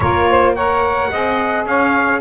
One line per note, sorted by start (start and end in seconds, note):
0.00 1.08 A#3
0.00 0.56 F4
0.00 0.29 A#4
0.00 0.54 C#5
0.29 0.54 C5
0.54 1.11 A#4
0.54 1.10 C#5
0.54 1.66 F#5
1.10 1.65 C4
1.10 2.21 G#4
1.10 1.66 D#5
1.65 2.21 C#4
1.65 2.21 C#5
1.65 2.21 F5